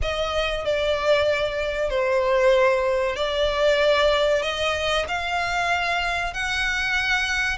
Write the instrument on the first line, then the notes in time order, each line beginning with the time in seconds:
violin
0.01 D#5
0.65 D5
1.89 C5
3.16 D5
4.42 D#5
5.08 F5
6.33 F#5